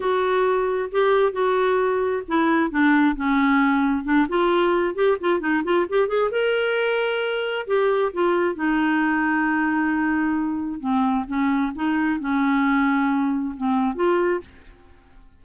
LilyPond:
\new Staff \with { instrumentName = "clarinet" } { \time 4/4 \tempo 4 = 133 fis'2 g'4 fis'4~ | fis'4 e'4 d'4 cis'4~ | cis'4 d'8 f'4. g'8 f'8 | dis'8 f'8 g'8 gis'8 ais'2~ |
ais'4 g'4 f'4 dis'4~ | dis'1 | c'4 cis'4 dis'4 cis'4~ | cis'2 c'4 f'4 | }